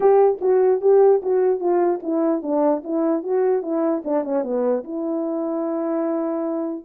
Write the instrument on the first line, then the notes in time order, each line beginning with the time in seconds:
horn
0.00 G4
0.41 F#4
0.81 G4
1.22 F#4
1.59 F4
2.03 E4
2.42 D4
2.84 E4
3.23 F#4
3.62 E4
4.04 D4
4.24 C#4
4.43 B3
4.84 E4